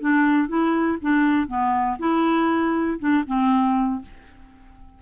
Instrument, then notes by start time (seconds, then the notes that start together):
clarinet
0.00 D4
0.48 E4
1.01 D4
1.47 B3
1.98 E4
2.99 D4
3.26 C4